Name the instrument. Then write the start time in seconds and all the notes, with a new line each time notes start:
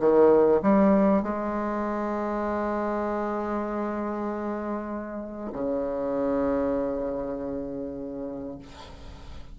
bassoon
0.00 D#3
0.63 G3
1.23 G#3
5.53 C#3